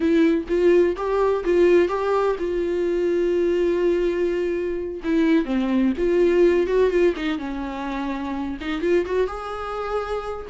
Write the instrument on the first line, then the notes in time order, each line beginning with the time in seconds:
viola
0.00 E4
0.48 F4
0.96 G4
1.44 F4
1.88 G4
2.39 F4
5.03 E4
5.45 C4
5.97 F4
6.66 F#4
6.90 F4
7.16 D#4
7.38 C#4
8.60 D#4
8.81 F4
9.05 F#4
9.27 G#4